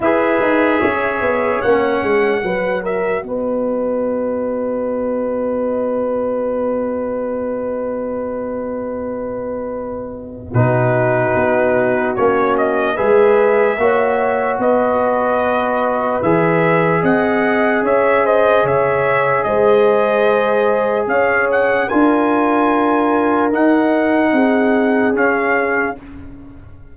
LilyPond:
<<
  \new Staff \with { instrumentName = "trumpet" } { \time 4/4 \tempo 4 = 74 e''2 fis''4. e''8 | dis''1~ | dis''1~ | dis''4 b'2 cis''8 dis''8 |
e''2 dis''2 | e''4 fis''4 e''8 dis''8 e''4 | dis''2 f''8 fis''8 gis''4~ | gis''4 fis''2 f''4 | }
  \new Staff \with { instrumentName = "horn" } { \time 4/4 b'4 cis''2 b'8 ais'8 | b'1~ | b'1~ | b'4 fis'2. |
b'4 cis''4 b'2~ | b'4 dis''4 cis''8 c''8 cis''4 | c''2 cis''4 ais'4~ | ais'2 gis'2 | }
  \new Staff \with { instrumentName = "trombone" } { \time 4/4 gis'2 cis'4 fis'4~ | fis'1~ | fis'1~ | fis'4 dis'2 cis'4 |
gis'4 fis'2. | gis'1~ | gis'2. f'4~ | f'4 dis'2 cis'4 | }
  \new Staff \with { instrumentName = "tuba" } { \time 4/4 e'8 dis'8 cis'8 b8 ais8 gis8 fis4 | b1~ | b1~ | b4 b,4 b4 ais4 |
gis4 ais4 b2 | e4 c'4 cis'4 cis4 | gis2 cis'4 d'4~ | d'4 dis'4 c'4 cis'4 | }
>>